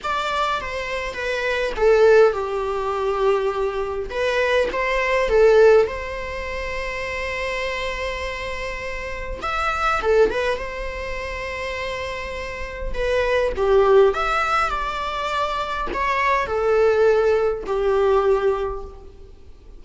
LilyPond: \new Staff \with { instrumentName = "viola" } { \time 4/4 \tempo 4 = 102 d''4 c''4 b'4 a'4 | g'2. b'4 | c''4 a'4 c''2~ | c''1 |
e''4 a'8 b'8 c''2~ | c''2 b'4 g'4 | e''4 d''2 cis''4 | a'2 g'2 | }